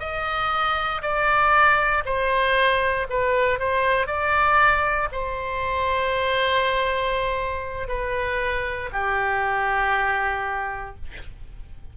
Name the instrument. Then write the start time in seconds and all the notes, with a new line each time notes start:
oboe
0.00 D#5
1.02 D5
2.05 C5
3.10 B4
3.60 C5
4.07 D5
5.13 C5
7.88 B4
8.93 G4